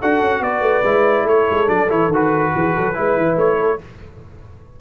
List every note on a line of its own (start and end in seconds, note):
0.00 0.21 D4
0.00 0.84 F#4
0.00 0.42 A4
0.00 0.43 F#5
0.21 0.40 C#4
0.40 0.61 B3
0.40 1.25 B4
0.40 1.27 D5
0.61 0.82 A3
0.83 1.23 G#3
0.83 1.67 E4
1.23 1.45 A3
1.23 2.52 A4
1.23 1.69 C#5
1.51 1.68 G#3
1.67 1.90 F#3
1.67 1.88 D4
1.67 1.90 D5
1.89 2.08 E3
1.89 2.10 E4
1.89 2.12 C#5
2.08 2.51 D#3
2.08 2.94 F#4
2.15 3.38 B4
2.55 2.76 E3
2.55 2.76 G#4
2.76 2.98 F#3
2.76 2.97 A4
2.94 3.17 G#3
2.94 3.79 E4
2.94 3.59 B4
3.17 3.36 E3
3.36 3.79 A3
3.36 3.80 C#5
3.59 3.80 A4